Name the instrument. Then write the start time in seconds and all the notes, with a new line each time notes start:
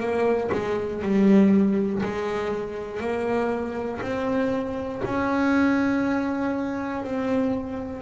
double bass
0.00 A#3
0.52 G#3
1.02 G3
2.03 G#3
3.00 A#3
4.02 C4
5.05 C#4
7.04 C4